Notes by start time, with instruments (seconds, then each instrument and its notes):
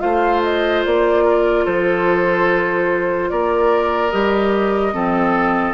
0.00 bassoon A3, clarinet F4, oboe C5, flute F5
0.43 flute D#5
0.85 bassoon A#3, flute D5
1.25 oboe A#4
1.65 bassoon F3, oboe A4, flute C5
3.30 bassoon A#3, oboe A#4, flute D5
4.11 bassoon G3, clarinet G4, flute D#5
4.93 bassoon F3, clarinet C4, oboe A4